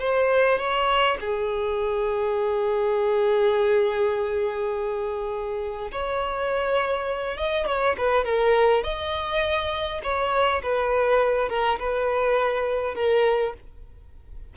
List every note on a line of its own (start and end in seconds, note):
0.00 0.59 C5
0.59 1.17 C#5
1.21 5.91 G#4
5.92 7.37 C#5
7.37 7.67 D#5
7.67 7.96 C#5
7.98 8.25 B4
8.25 8.84 A#4
8.84 10.01 D#5
10.03 10.62 C#5
10.63 11.49 B4
11.49 11.79 A#4
11.80 12.95 B4
12.95 13.54 A#4